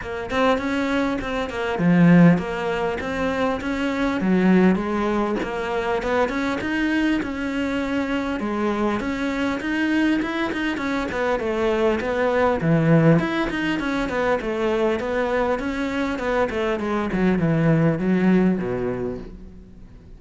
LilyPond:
\new Staff \with { instrumentName = "cello" } { \time 4/4 \tempo 4 = 100 ais8 c'8 cis'4 c'8 ais8 f4 | ais4 c'4 cis'4 fis4 | gis4 ais4 b8 cis'8 dis'4 | cis'2 gis4 cis'4 |
dis'4 e'8 dis'8 cis'8 b8 a4 | b4 e4 e'8 dis'8 cis'8 b8 | a4 b4 cis'4 b8 a8 | gis8 fis8 e4 fis4 b,4 | }